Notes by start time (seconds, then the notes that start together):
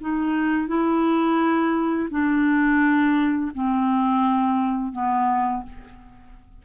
0.00 D#4
0.67 E4
2.10 D4
3.54 C4
4.92 B3